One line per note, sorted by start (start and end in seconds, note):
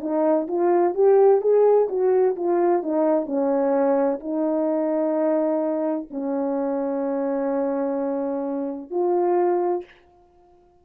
0.00 0.47 D#4
0.47 0.94 F4
0.94 1.41 G4
1.41 1.88 G#4
1.89 2.36 F#4
2.36 2.83 F4
2.83 3.26 D#4
3.26 4.20 C#4
4.20 6.08 D#4
6.11 8.91 C#4
8.91 9.84 F4